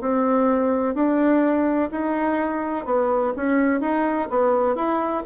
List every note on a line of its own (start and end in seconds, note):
0.00 0.94 C4
0.94 1.90 D4
1.91 2.85 D#4
2.85 3.33 B3
3.36 3.81 C#4
3.81 4.28 D#4
4.29 4.75 B3
4.75 5.23 E4